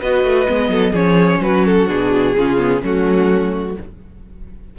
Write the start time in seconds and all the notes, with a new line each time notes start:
0.00 B3 F#4 B4 D#5
0.24 A3
0.47 G#3 B3
0.68 F#3 A4
0.92 F3 C#4 G#4 C#5
1.40 F#3 F#4 B4
1.65 A4
1.87 B2 D4 G#4
2.35 C#3 C#4 F4
2.58 B3
2.81 F#3 A3 C#4 F#4